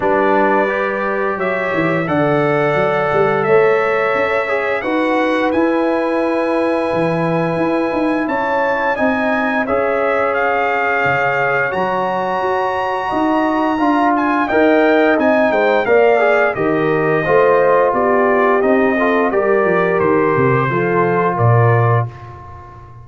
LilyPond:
<<
  \new Staff \with { instrumentName = "trumpet" } { \time 4/4 \tempo 4 = 87 d''2 e''4 fis''4~ | fis''4 e''2 fis''4 | gis''1 | a''4 gis''4 e''4 f''4~ |
f''4 ais''2.~ | ais''8 gis''8 g''4 gis''8 g''8 f''4 | dis''2 d''4 dis''4 | d''4 c''2 d''4 | }
  \new Staff \with { instrumentName = "horn" } { \time 4/4 b'2 cis''4 d''4~ | d''4 cis''2 b'4~ | b'1 | cis''4 dis''4 cis''2~ |
cis''2. dis''4 | f''4 dis''4. c''8 d''4 | ais'4 c''4 g'4. a'8 | ais'2 a'4 ais'4 | }
  \new Staff \with { instrumentName = "trombone" } { \time 4/4 d'4 g'2 a'4~ | a'2~ a'8 gis'8 fis'4 | e'1~ | e'4 dis'4 gis'2~ |
gis'4 fis'2. | f'4 ais'4 dis'4 ais'8 gis'8 | g'4 f'2 dis'8 f'8 | g'2 f'2 | }
  \new Staff \with { instrumentName = "tuba" } { \time 4/4 g2 fis8 e8 d4 | fis8 g8 a4 cis'4 dis'4 | e'2 e4 e'8 dis'8 | cis'4 c'4 cis'2 |
cis4 fis4 fis'4 dis'4 | d'4 dis'4 c'8 gis8 ais4 | dis4 a4 b4 c'4 | g8 f8 dis8 c8 f4 ais,4 | }
>>